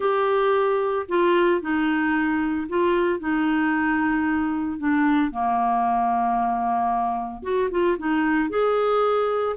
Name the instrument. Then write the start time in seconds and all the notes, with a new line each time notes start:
clarinet
0.00 G4
1.08 F4
1.61 D#4
2.68 F4
3.19 D#4
4.78 D4
5.31 A#3
7.42 F#4
7.70 F4
7.98 D#4
8.49 G#4